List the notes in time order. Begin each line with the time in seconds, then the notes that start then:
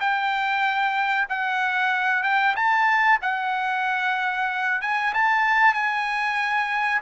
0.00 G5
1.29 F#5
2.23 G5
2.56 A5
3.22 F#5
4.81 G#5
5.14 A5
5.74 G#5